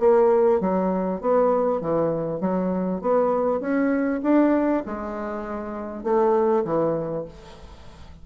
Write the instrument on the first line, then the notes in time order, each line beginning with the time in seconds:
bassoon
0.00 A#3
0.61 F#3
1.21 B3
1.81 E3
2.41 F#3
3.01 B3
3.61 C#4
4.23 D4
4.86 G#3
6.04 A3
6.65 E3